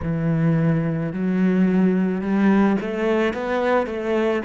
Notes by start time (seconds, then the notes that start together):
0.02 E3
1.12 F#3
2.21 G3
2.80 A3
3.33 B3
3.86 A3